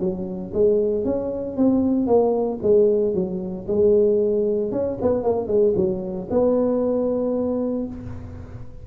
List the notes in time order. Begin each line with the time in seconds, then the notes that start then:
0.00 F#3
0.54 G#3
1.05 C#4
1.57 C4
2.07 A#3
2.63 G#3
3.14 F#3
3.68 G#3
4.72 C#4
5.02 B3
5.23 A#3
5.48 G#3
5.76 F#3
6.30 B3